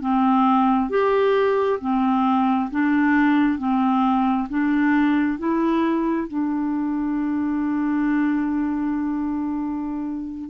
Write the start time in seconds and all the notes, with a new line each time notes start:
0.00 C4
0.89 G4
1.80 C4
2.70 D4
3.58 C4
4.49 D4
5.38 E4
6.27 D4